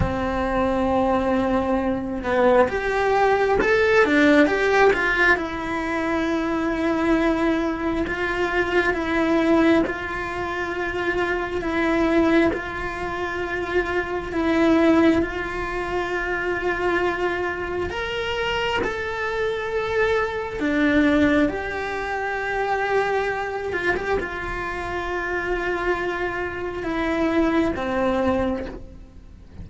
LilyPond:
\new Staff \with { instrumentName = "cello" } { \time 4/4 \tempo 4 = 67 c'2~ c'8 b8 g'4 | a'8 d'8 g'8 f'8 e'2~ | e'4 f'4 e'4 f'4~ | f'4 e'4 f'2 |
e'4 f'2. | ais'4 a'2 d'4 | g'2~ g'8 f'16 g'16 f'4~ | f'2 e'4 c'4 | }